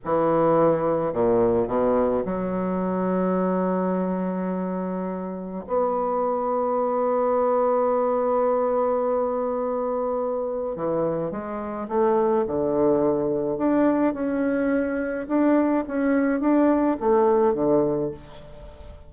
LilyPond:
\new Staff \with { instrumentName = "bassoon" } { \time 4/4 \tempo 4 = 106 e2 ais,4 b,4 | fis1~ | fis2 b2~ | b1~ |
b2. e4 | gis4 a4 d2 | d'4 cis'2 d'4 | cis'4 d'4 a4 d4 | }